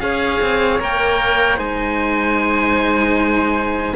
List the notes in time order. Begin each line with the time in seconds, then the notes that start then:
0.00 C#4 G#4 C#5 F5
0.41 C4
0.79 A#3 A#4 G5
1.57 G#3 D#4 C5 G#5